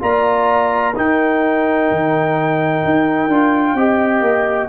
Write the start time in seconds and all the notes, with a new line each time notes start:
0.00 A#3 F4 D5 A#5
0.95 D#4 A#4 G5
1.90 D#3
2.85 D#4
3.27 D4 F4
3.74 C4 G4 D#5
4.21 A#3